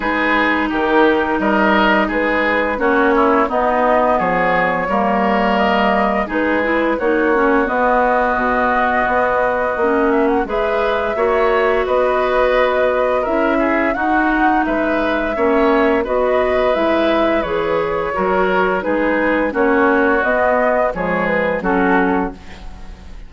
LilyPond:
<<
  \new Staff \with { instrumentName = "flute" } { \time 4/4 \tempo 4 = 86 b'4 ais'4 dis''4 b'4 | cis''4 dis''4 cis''2 | dis''4 b'4 cis''4 dis''4~ | dis''2~ dis''8 e''16 fis''16 e''4~ |
e''4 dis''2 e''4 | fis''4 e''2 dis''4 | e''4 cis''2 b'4 | cis''4 dis''4 cis''8 b'8 a'4 | }
  \new Staff \with { instrumentName = "oboe" } { \time 4/4 gis'4 g'4 ais'4 gis'4 | fis'8 e'8 dis'4 gis'4 ais'4~ | ais'4 gis'4 fis'2~ | fis'2. b'4 |
cis''4 b'2 ais'8 gis'8 | fis'4 b'4 cis''4 b'4~ | b'2 ais'4 gis'4 | fis'2 gis'4 fis'4 | }
  \new Staff \with { instrumentName = "clarinet" } { \time 4/4 dis'1 | cis'4 b2 ais4~ | ais4 dis'8 e'8 dis'8 cis'8 b4~ | b2 cis'4 gis'4 |
fis'2. e'4 | dis'2 cis'4 fis'4 | e'4 gis'4 fis'4 dis'4 | cis'4 b4 gis4 cis'4 | }
  \new Staff \with { instrumentName = "bassoon" } { \time 4/4 gis4 dis4 g4 gis4 | ais4 b4 f4 g4~ | g4 gis4 ais4 b4 | b,4 b4 ais4 gis4 |
ais4 b2 cis'4 | dis'4 gis4 ais4 b4 | gis4 e4 fis4 gis4 | ais4 b4 f4 fis4 | }
>>